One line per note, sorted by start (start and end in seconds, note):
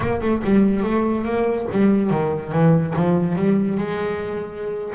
0.00 0.20 A#3
0.21 0.42 A3
0.44 0.83 G3
0.83 1.25 A3
1.25 1.66 A#3
1.71 2.10 G3
2.10 2.52 D#3
2.52 2.94 E3
2.95 3.35 F3
3.35 3.77 G3
3.77 4.92 G#3